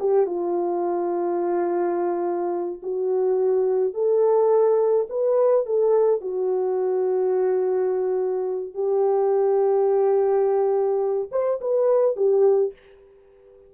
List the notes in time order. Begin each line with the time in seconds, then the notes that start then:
0.00 G4
0.27 F4
2.83 F#4
3.94 A4
5.09 B4
5.66 A4
6.21 F#4
8.74 G4
11.31 C5
11.61 B4
12.16 G4